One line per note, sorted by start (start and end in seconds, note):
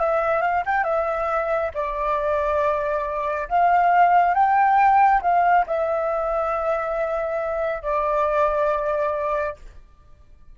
0.00 0.42 E5
0.42 0.64 F5
0.66 0.85 G5
0.85 1.72 E5
1.75 3.49 D5
3.49 4.35 F5
4.35 5.22 G5
5.22 5.66 F5
5.67 7.83 E5
7.83 9.57 D5